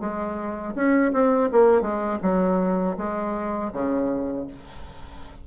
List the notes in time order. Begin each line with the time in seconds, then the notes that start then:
0.00 G#3
0.75 C#4
1.13 C4
1.52 A#3
1.81 G#3
2.23 F#3
2.97 G#3
3.73 C#3